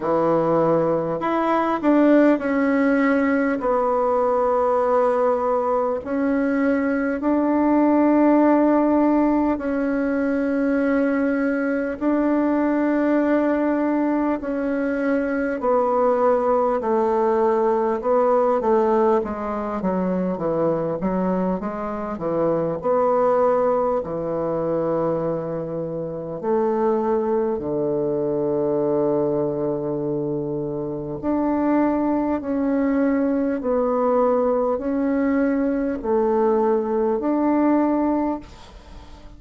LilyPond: \new Staff \with { instrumentName = "bassoon" } { \time 4/4 \tempo 4 = 50 e4 e'8 d'8 cis'4 b4~ | b4 cis'4 d'2 | cis'2 d'2 | cis'4 b4 a4 b8 a8 |
gis8 fis8 e8 fis8 gis8 e8 b4 | e2 a4 d4~ | d2 d'4 cis'4 | b4 cis'4 a4 d'4 | }